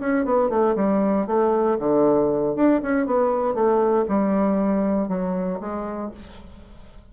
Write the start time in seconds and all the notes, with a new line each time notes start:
0.00 C#4
0.25 B3
0.50 A3
0.76 G3
1.27 A3
1.79 D3
2.56 D4
2.82 C#4
3.06 B3
3.54 A3
4.09 G3
5.08 F#3
5.61 G#3